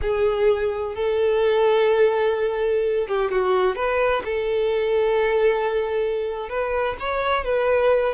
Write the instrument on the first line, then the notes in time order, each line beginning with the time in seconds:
violin
0.01 G#4
0.95 A4
3.07 G4
3.31 F#4
3.75 B4
4.24 A4
6.49 B4
6.99 C#5
7.44 B4